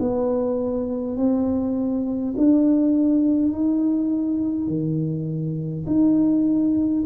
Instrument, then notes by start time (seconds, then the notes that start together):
tuba
0.00 B3
1.17 C4
2.37 D4
3.52 D#4
4.67 D#3
5.87 D#4